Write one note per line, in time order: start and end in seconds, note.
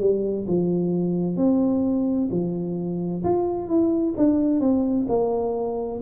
0.00 0.46 G3
0.47 1.36 F3
1.36 2.29 C4
2.31 3.23 F3
3.23 3.68 F4
3.68 4.14 E4
4.17 4.60 D4
4.60 5.06 C4
5.08 6.00 A#3